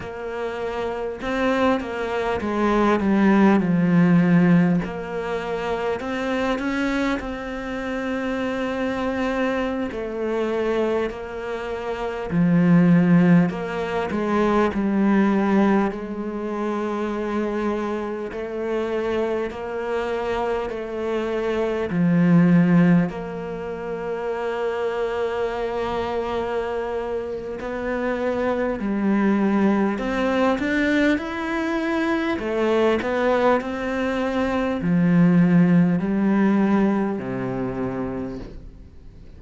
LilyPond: \new Staff \with { instrumentName = "cello" } { \time 4/4 \tempo 4 = 50 ais4 c'8 ais8 gis8 g8 f4 | ais4 c'8 cis'8 c'2~ | c'16 a4 ais4 f4 ais8 gis16~ | gis16 g4 gis2 a8.~ |
a16 ais4 a4 f4 ais8.~ | ais2. b4 | g4 c'8 d'8 e'4 a8 b8 | c'4 f4 g4 c4 | }